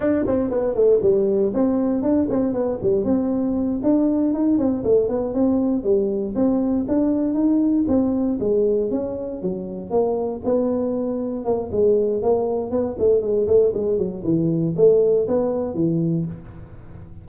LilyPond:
\new Staff \with { instrumentName = "tuba" } { \time 4/4 \tempo 4 = 118 d'8 c'8 b8 a8 g4 c'4 | d'8 c'8 b8 g8 c'4. d'8~ | d'8 dis'8 c'8 a8 b8 c'4 g8~ | g8 c'4 d'4 dis'4 c'8~ |
c'8 gis4 cis'4 fis4 ais8~ | ais8 b2 ais8 gis4 | ais4 b8 a8 gis8 a8 gis8 fis8 | e4 a4 b4 e4 | }